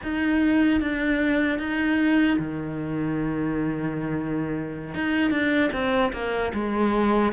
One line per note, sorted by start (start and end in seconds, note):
0.03 0.81 D#4
0.81 1.58 D4
1.58 2.37 D#4
2.39 4.94 D#3
4.94 5.30 D#4
5.30 5.70 D4
5.72 6.12 C4
6.13 6.52 A#3
6.53 7.32 G#3